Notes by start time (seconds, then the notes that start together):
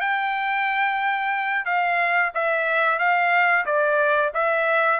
0.00 G5
1.65 F5
2.34 E5
2.98 F5
3.65 D5
4.34 E5